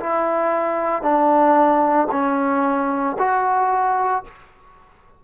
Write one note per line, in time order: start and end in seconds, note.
0.00 1.02 E4
1.02 2.08 D4
2.11 3.17 C#4
3.19 4.24 F#4